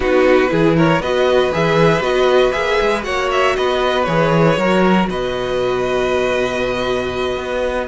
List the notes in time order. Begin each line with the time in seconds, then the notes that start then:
0.00 B3 D#4 F#4 B4
0.48 E3 E4 G#4
0.76 A#4 C#5
0.99 B3 F#4 B4 D#5
1.52 E3 G#4 E5
2.00 B3 F#4 D#5
2.51 A#3 G#4 E5
2.81 G#3
3.02 A#3 F#4 C#5 F#5
3.31 E5
3.56 B3 B4 D#5
4.04 E3 G#4 C#5
4.57 F#3 F#4 A#4
5.09 B2 B4 D#5
7.36 B3